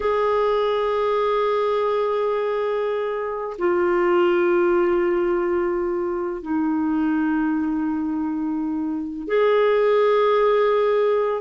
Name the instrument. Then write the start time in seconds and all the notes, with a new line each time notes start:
clarinet
0.00 G#4
3.58 F4
6.42 D#4
9.27 G#4